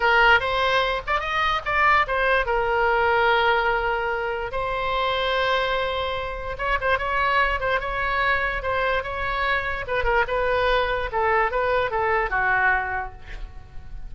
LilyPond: \new Staff \with { instrumentName = "oboe" } { \time 4/4 \tempo 4 = 146 ais'4 c''4. d''8 dis''4 | d''4 c''4 ais'2~ | ais'2. c''4~ | c''1 |
cis''8 c''8 cis''4. c''8 cis''4~ | cis''4 c''4 cis''2 | b'8 ais'8 b'2 a'4 | b'4 a'4 fis'2 | }